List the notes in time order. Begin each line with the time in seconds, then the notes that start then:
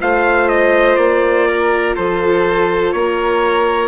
0.00 A3 F4 C5 F5
0.49 D#5
0.96 A#3 D5
1.48 A#4
1.96 F3 A4 C5
2.93 A#3 A#4 C#5